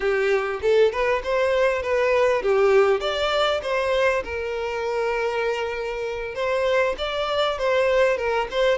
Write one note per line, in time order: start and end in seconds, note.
0.00 0.60 G4
0.62 0.91 A4
0.91 1.22 B4
1.23 1.82 C5
1.82 2.42 B4
2.42 3.00 G4
3.00 3.61 D5
3.62 4.23 C5
4.24 6.34 A#4
6.34 6.95 C5
6.98 7.58 D5
7.58 8.17 C5
8.17 8.47 A#4
8.50 8.78 C5